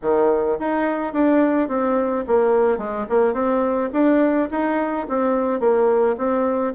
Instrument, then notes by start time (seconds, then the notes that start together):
bassoon
0.02 D#3
0.59 D#4
1.13 D4
1.68 C4
2.27 A#3
2.78 G#3
3.09 A#3
3.33 C4
3.92 D4
4.50 D#4
5.08 C4
5.60 A#3
6.17 C4